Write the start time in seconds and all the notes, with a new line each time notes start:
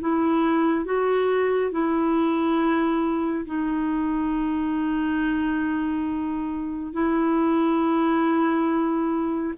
0.00 E4
0.85 F#4
1.71 E4
3.46 D#4
6.92 E4